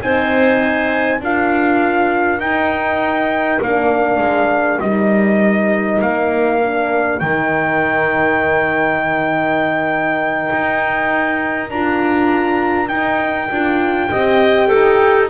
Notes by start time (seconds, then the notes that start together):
0.00 C4 D#4 C5 G#5
1.19 D4 F4 A#4 F5
2.39 D#4 G5
3.60 A#3 D4 F5
4.18 G#3
4.80 G3 D#4 D#5
6.01 A#3 F5
6.62 D4
7.19 D#3 D#4 G5
10.52 D#4
11.70 D4 F4 A#5
12.88 D#4 G5
13.50 D4 F4
14.11 C4 G4 D#5
14.67 D#4 A4